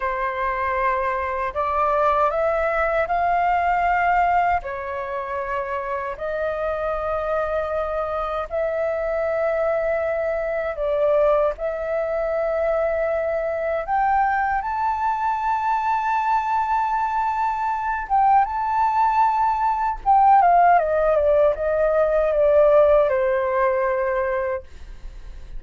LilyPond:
\new Staff \with { instrumentName = "flute" } { \time 4/4 \tempo 4 = 78 c''2 d''4 e''4 | f''2 cis''2 | dis''2. e''4~ | e''2 d''4 e''4~ |
e''2 g''4 a''4~ | a''2.~ a''8 g''8 | a''2 g''8 f''8 dis''8 d''8 | dis''4 d''4 c''2 | }